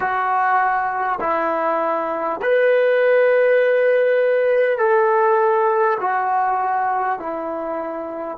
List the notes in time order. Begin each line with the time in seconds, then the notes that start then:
0.00 F#4
1.20 E4
2.42 B4
4.78 A4
6.00 F#4
7.19 E4